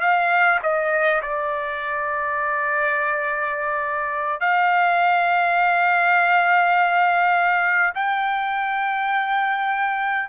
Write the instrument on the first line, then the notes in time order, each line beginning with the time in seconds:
trumpet
0.00 F5
0.63 D#5
1.22 D5
4.40 F5
7.95 G5